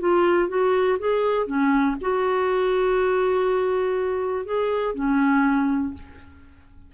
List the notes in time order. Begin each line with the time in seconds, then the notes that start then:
0.00 F4
0.49 F#4
0.99 G#4
1.47 C#4
2.01 F#4
4.46 G#4
4.95 C#4